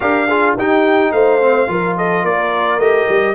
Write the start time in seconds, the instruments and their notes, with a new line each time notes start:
0.00 tuba D4, trombone G4, horn A#4, trumpet F5
0.28 trombone F4, horn G#4
0.57 tuba D#4, trombone D#4, horn G4, trumpet G5
1.11 tuba A3, horn C5, trumpet F5
1.41 trombone C4
1.67 tuba F3, trombone F4, horn A#4
1.97 horn A4, trumpet D#5
2.23 tuba A#3, horn A#4, trumpet D5
2.77 tuba A3, trombone G4, trumpet D#5
3.08 tuba G3